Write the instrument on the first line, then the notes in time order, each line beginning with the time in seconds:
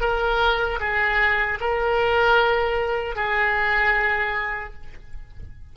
oboe
0.00 A#4
0.80 G#4
1.60 A#4
3.15 G#4